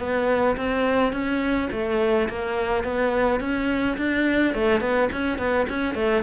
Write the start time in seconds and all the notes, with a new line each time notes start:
0.00 B3
0.57 C4
1.13 C#4
1.72 A3
2.30 A#3
2.84 B3
3.41 C#4
3.98 D4
4.55 A3
4.81 B3
5.13 C#4
5.39 B3
5.69 C#4
5.95 A3